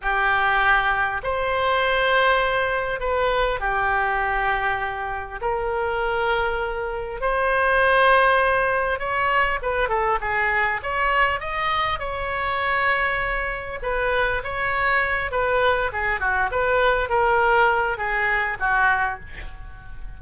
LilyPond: \new Staff \with { instrumentName = "oboe" } { \time 4/4 \tempo 4 = 100 g'2 c''2~ | c''4 b'4 g'2~ | g'4 ais'2. | c''2. cis''4 |
b'8 a'8 gis'4 cis''4 dis''4 | cis''2. b'4 | cis''4. b'4 gis'8 fis'8 b'8~ | b'8 ais'4. gis'4 fis'4 | }